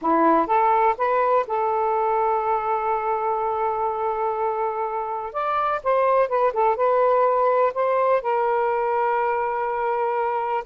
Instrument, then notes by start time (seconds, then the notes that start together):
saxophone
0.01 E4
0.46 A4
0.97 B4
1.47 A4
5.32 D5
5.83 C5
6.28 B4
6.53 A4
6.76 B4
7.74 C5
8.22 A#4